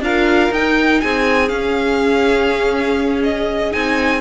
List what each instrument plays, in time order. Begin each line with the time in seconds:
0.00 cello D4, viola F4, violin A#4 F5
0.51 cello D#4, viola D#4, violin G5
1.01 cello C4, violin G#4 G#5
1.48 viola C#4, cello C#4, violin F5
3.23 violin D#5
3.71 cello C4, viola D#4, violin G#5